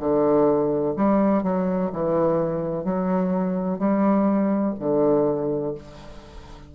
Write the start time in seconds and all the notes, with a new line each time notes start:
0.00 D3
0.97 G3
1.43 F#3
1.93 E3
2.85 F#3
3.79 G3
4.80 D3